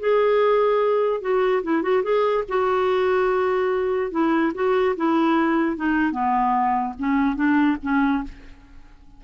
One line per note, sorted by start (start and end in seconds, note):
0.00 1.22 G#4
1.22 1.63 F#4
1.64 1.83 E4
1.83 2.03 F#4
2.03 2.45 G#4
2.49 4.12 F#4
4.12 4.53 E4
4.55 4.96 F#4
4.97 5.77 E4
5.77 6.12 D#4
6.12 6.94 B3
6.99 7.36 C#4
7.36 7.77 D4
7.83 8.24 C#4